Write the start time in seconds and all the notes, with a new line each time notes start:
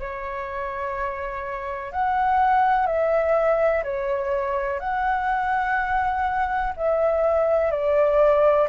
0.00 C#5
1.92 F#5
2.87 E5
3.84 C#5
4.80 F#5
6.77 E5
7.72 D5